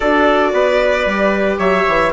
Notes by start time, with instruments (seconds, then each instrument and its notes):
0.00 bassoon D4, viola F#4, trumpet A4, violin D5
0.52 bassoon B3, trumpet B4
1.05 bassoon G3, viola G4
1.58 bassoon F#3, trumpet C#5, violin E5
1.87 bassoon E3